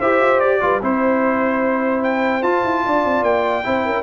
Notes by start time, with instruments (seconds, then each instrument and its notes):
0.00 tuba E4, trombone G4, horn C5, trumpet E5
0.21 tuba F4
0.40 tuba G4, trumpet D5
0.61 tuba G3, trombone F4, horn B4
0.82 tuba C4, trombone E4, trumpet C5, horn C5
2.04 trumpet G5
2.43 trombone F4, tuba F4, trumpet A5
2.64 tuba E4
2.86 tuba D4, horn D5
3.05 tuba C4
3.23 tuba A#3, trumpet G5
3.64 tuba C4, trombone E4, horn C5
3.86 tuba C#4, horn A#4